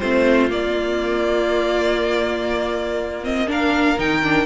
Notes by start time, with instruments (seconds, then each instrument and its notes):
0.00 cello A3, viola C4, violin F4 C5
0.50 viola A#3, cello A#3, violin D5
3.24 viola C4, violin D#5
3.48 viola D4, violin A#4 F5
3.98 cello D#3, viola D#4, violin G5
4.24 viola D4